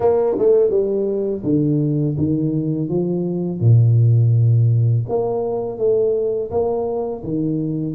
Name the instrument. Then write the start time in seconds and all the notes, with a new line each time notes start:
tuba
0.00 A#3
0.38 A3
0.70 G3
1.43 D3
2.17 D#3
2.88 F3
3.60 A#2
5.09 A#3
5.78 A3
6.50 A#3
7.23 D#3